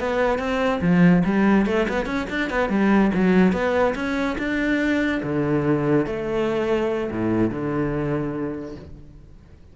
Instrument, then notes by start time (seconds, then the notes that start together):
cello
0.00 B3
0.38 C4
0.81 F3
1.25 G3
1.66 A3
1.89 B3
2.06 C#4
2.30 D4
2.50 B3
2.70 G3
3.14 F#3
3.53 B3
3.95 C#4
4.38 D4
5.23 D3
6.06 A3
7.11 A2
7.50 D3